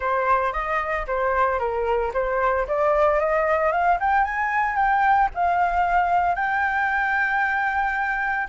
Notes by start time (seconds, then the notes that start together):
0.00 C5
0.52 D#5
1.07 C5
1.59 A#4
2.13 C5
2.67 D5
3.19 D#5
3.71 F5
3.99 G5
4.24 G#5
4.75 G5
5.34 F5
6.35 G5